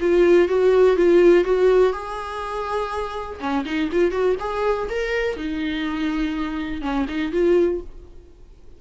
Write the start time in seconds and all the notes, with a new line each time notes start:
0.00 F4
0.48 F#4
0.96 F4
1.44 F#4
1.92 G#4
3.39 C#4
3.65 D#4
3.92 F4
4.11 F#4
4.39 G#4
4.89 A#4
5.36 D#4
6.81 C#4
7.08 D#4
7.31 F4